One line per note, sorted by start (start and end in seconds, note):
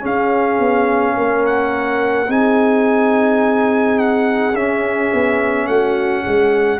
0.00 2.26 C#4
0.00 0.58 C#4
0.00 1.14 G#4
0.00 1.46 F5
0.58 1.15 B3
1.17 2.28 A#3
1.17 2.29 A#4
1.46 2.31 F#5
2.27 4.54 C4
2.27 4.53 D#4
2.27 5.68 G#4
2.27 3.99 G#5
3.99 4.55 F#5
4.54 5.11 C#4
4.54 6.80 C#4
4.54 5.67 E5
5.13 5.67 B3
5.67 6.23 A3
5.67 6.23 F#4
5.67 6.80 F#5
6.23 6.80 G#3
6.23 6.79 G#4